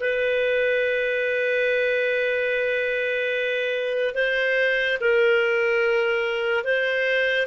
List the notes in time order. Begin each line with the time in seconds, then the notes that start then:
0.00 B4
4.14 C5
5.00 A#4
6.64 C5